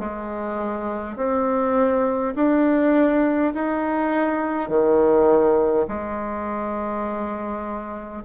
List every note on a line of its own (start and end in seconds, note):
0.00 1.17 G#3
1.17 2.35 C4
2.36 3.53 D4
3.55 4.70 D#4
4.70 5.87 D#3
5.88 8.24 G#3